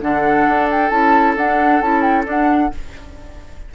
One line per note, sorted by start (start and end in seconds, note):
0.00 0.46 D3
0.00 0.91 D4
0.00 2.74 A4
0.00 0.68 F#5
0.48 0.90 D4
0.71 0.89 G5
0.89 1.36 C#4
0.89 1.36 E4
0.89 1.34 A5
1.36 1.81 D4
1.36 1.83 D4
1.36 1.81 F#5
1.81 2.25 C#4
1.81 2.24 E4
1.81 2.01 A5
2.01 2.24 G5
2.24 2.69 D4
2.24 2.70 D4
2.24 2.74 F#5